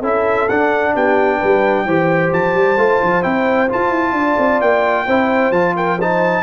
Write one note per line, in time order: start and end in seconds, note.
0.00 0.48 C#4
0.00 0.49 E4
0.00 0.92 A4
0.06 0.49 E5
0.49 0.96 D4
0.49 1.88 D4
0.49 0.95 F#5
0.94 1.42 B3
0.94 1.38 G4
0.94 2.33 G5
1.38 1.86 G3
1.38 1.84 B4
1.86 2.32 E3
1.86 2.78 G4
1.86 4.15 C5
2.33 2.55 F3
2.33 3.23 A5
2.55 2.77 G3
2.77 3.00 A3
2.77 3.23 F4
3.03 3.25 F3
3.23 3.71 C4
3.23 3.69 E4
3.23 3.69 G5
3.69 5.06 F4
3.69 3.91 F4
3.69 4.61 A5
3.91 4.13 E4
4.13 4.36 D4
4.13 5.06 D5
4.39 4.61 C4
4.61 5.07 A#3
4.61 5.52 G5
5.06 5.51 C4
5.06 5.54 E4
5.06 5.75 C5
5.51 6.43 F3
5.51 5.99 F4
5.51 5.75 A5
5.76 5.98 A#4
5.76 6.00 G5
5.98 6.44 D#4
5.98 6.44 C5
5.98 6.44 A5